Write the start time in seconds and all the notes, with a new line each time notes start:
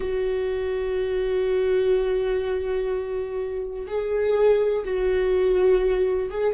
0.00 F#4
3.87 G#4
4.84 F#4
6.29 G#4